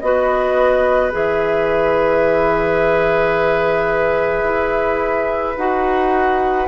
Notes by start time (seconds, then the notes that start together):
0.00 B3 F#4 B4 D#5
1.11 E3 G#4 E5
4.44 E4
5.57 D#4 F#4 F#5